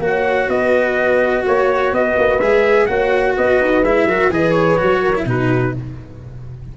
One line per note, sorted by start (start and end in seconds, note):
0.00 0.48 A#3
0.00 2.40 F#4
0.00 0.52 C#5
0.07 0.50 F#5
0.49 1.44 B3
0.49 1.47 B4
0.49 1.45 D#5
1.47 1.93 A#3
1.47 1.94 C#5
1.47 1.95 C#5
1.93 2.16 B3
1.93 2.88 B4
1.93 2.40 D#5
2.18 2.41 A#3
2.40 2.89 G#3
2.40 2.89 G#4
2.40 2.87 E5
2.87 3.37 A#3
2.87 3.84 F#4
2.87 3.36 C#5
2.87 3.34 F#5
3.37 3.61 B3
3.37 4.09 B4
3.37 3.84 D#5
3.61 3.83 D#4
3.83 4.05 G#3
3.83 4.09 E4
3.83 4.32 E5
4.05 4.29 F#3
4.05 4.32 F#4
4.05 4.31 A#4
4.31 4.78 E3
4.31 4.78 G#4
4.31 5.01 B4
4.31 4.52 D#5
4.52 5.23 C#5
4.78 5.25 F#3
4.78 5.14 F#4
5.01 5.25 A#4
5.16 5.27 E4
5.25 5.73 B2
5.25 5.75 D#4
5.25 5.76 F#4
5.25 5.77 B4